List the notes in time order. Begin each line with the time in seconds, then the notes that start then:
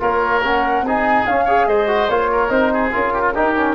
0.00 A#3 F4 A#4 C#5
0.44 C#4 F#5
0.83 C4 D#4 G#4 G#5
1.26 C#4 F5
1.45 G#4 C#5
1.67 G#3 C5 D#5
1.88 F#4
2.09 A#3 F4 C#5
2.32 A#4
2.49 C4 D#4 C5
2.73 G#4
2.92 C#4 F4 A#4
3.14 G4
3.22 F4
3.34 D#4 G4
3.56 C#4